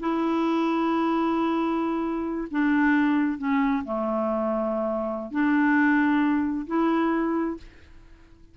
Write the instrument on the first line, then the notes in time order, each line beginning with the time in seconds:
clarinet
0.00 E4
2.51 D4
3.38 C#4
3.85 A3
5.31 D4
6.67 E4